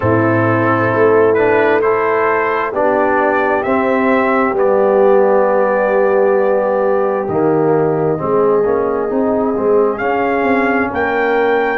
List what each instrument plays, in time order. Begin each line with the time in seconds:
0.00 tuba A2, trombone C4, horn E4, trumpet A4
0.92 tuba A3
1.34 trombone D4, trumpet B4
1.81 trombone E4, horn A4, trumpet C5
2.72 tuba B3, trombone D4, horn G4, trumpet D5
3.63 trombone C4, tuba C4, trumpet E5
4.53 tuba G3, trombone B3, trumpet D5
7.27 tuba D#3, trombone A#3, trumpet D#5
8.17 tuba G#3, trombone C4, horn G#4
8.64 tuba A#3, trombone C#4
9.09 tuba C4, trombone D#4
9.56 tuba G#3, trombone C4
9.98 trombone C#4, tuba C#4, trumpet F5
10.43 tuba C4
10.90 tuba A#3, horn A#4, trumpet G5